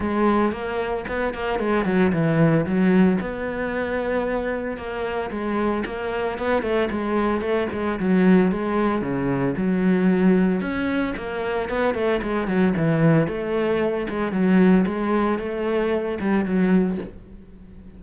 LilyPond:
\new Staff \with { instrumentName = "cello" } { \time 4/4 \tempo 4 = 113 gis4 ais4 b8 ais8 gis8 fis8 | e4 fis4 b2~ | b4 ais4 gis4 ais4 | b8 a8 gis4 a8 gis8 fis4 |
gis4 cis4 fis2 | cis'4 ais4 b8 a8 gis8 fis8 | e4 a4. gis8 fis4 | gis4 a4. g8 fis4 | }